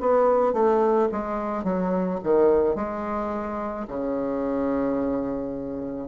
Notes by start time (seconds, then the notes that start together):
0.00 B3
0.53 A3
1.12 G#3
1.64 F#3
2.23 D#3
2.75 G#3
3.88 C#3